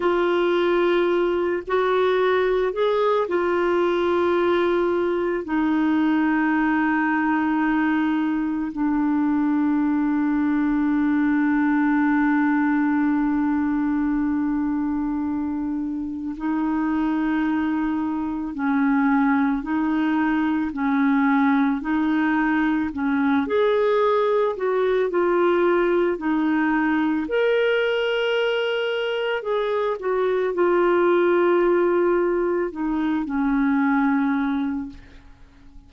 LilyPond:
\new Staff \with { instrumentName = "clarinet" } { \time 4/4 \tempo 4 = 55 f'4. fis'4 gis'8 f'4~ | f'4 dis'2. | d'1~ | d'2. dis'4~ |
dis'4 cis'4 dis'4 cis'4 | dis'4 cis'8 gis'4 fis'8 f'4 | dis'4 ais'2 gis'8 fis'8 | f'2 dis'8 cis'4. | }